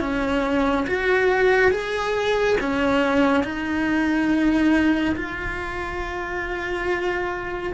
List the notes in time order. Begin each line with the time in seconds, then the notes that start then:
0.00 C#4
0.86 F#4
1.71 G#4
2.60 C#4
3.44 D#4
5.15 F4